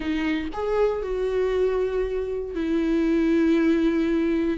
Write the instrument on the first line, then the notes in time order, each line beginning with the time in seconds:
viola
0.00 D#4
0.53 G#4
1.02 F#4
2.54 E4